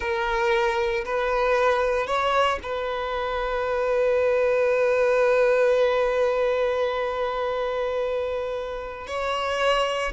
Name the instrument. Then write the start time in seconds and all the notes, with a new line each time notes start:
violin
0.00 A#4
1.05 B4
2.06 C#5
2.62 B4
9.07 C#5